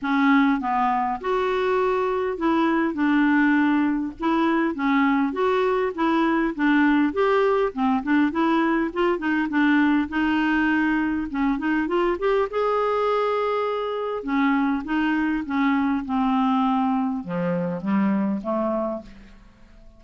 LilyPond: \new Staff \with { instrumentName = "clarinet" } { \time 4/4 \tempo 4 = 101 cis'4 b4 fis'2 | e'4 d'2 e'4 | cis'4 fis'4 e'4 d'4 | g'4 c'8 d'8 e'4 f'8 dis'8 |
d'4 dis'2 cis'8 dis'8 | f'8 g'8 gis'2. | cis'4 dis'4 cis'4 c'4~ | c'4 f4 g4 a4 | }